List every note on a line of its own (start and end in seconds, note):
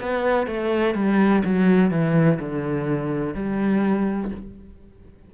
0.00 0.47 B3
0.47 0.95 A3
0.95 1.43 G3
1.44 1.90 F#3
1.90 2.39 E3
2.40 3.34 D3
3.34 4.31 G3